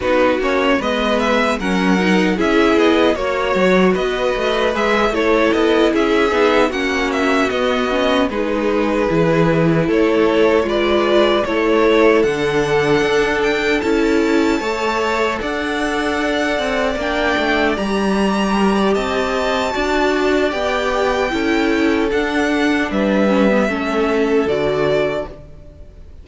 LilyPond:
<<
  \new Staff \with { instrumentName = "violin" } { \time 4/4 \tempo 4 = 76 b'8 cis''8 dis''8 e''8 fis''4 e''8 dis''8 | cis''4 dis''4 e''8 cis''8 dis''8 e''8~ | e''8 fis''8 e''8 dis''4 b'4.~ | b'8 cis''4 d''4 cis''4 fis''8~ |
fis''4 g''8 a''2 fis''8~ | fis''4. g''4 ais''4. | a''2 g''2 | fis''4 e''2 d''4 | }
  \new Staff \with { instrumentName = "violin" } { \time 4/4 fis'4 b'4 ais'4 gis'4 | cis''4 b'4. a'4 gis'8~ | gis'8 fis'2 gis'4.~ | gis'8 a'4 b'4 a'4.~ |
a'2~ a'8 cis''4 d''8~ | d''2.~ d''8 ais'16 d''16 | dis''4 d''2 a'4~ | a'4 b'4 a'2 | }
  \new Staff \with { instrumentName = "viola" } { \time 4/4 dis'8 cis'8 b4 cis'8 dis'8 e'4 | fis'2 gis'8 e'4. | dis'8 cis'4 b8 cis'8 dis'4 e'8~ | e'4. f'4 e'4 d'8~ |
d'4. e'4 a'4.~ | a'4. d'4 g'4.~ | g'4 fis'4 g'4 e'4 | d'4. cis'16 b16 cis'4 fis'4 | }
  \new Staff \with { instrumentName = "cello" } { \time 4/4 b8 ais8 gis4 fis4 cis'8 b8 | ais8 fis8 b8 a8 gis8 a8 b8 cis'8 | b8 ais4 b4 gis4 e8~ | e8 a4 gis4 a4 d8~ |
d8 d'4 cis'4 a4 d'8~ | d'4 c'8 ais8 a8 g4. | c'4 d'4 b4 cis'4 | d'4 g4 a4 d4 | }
>>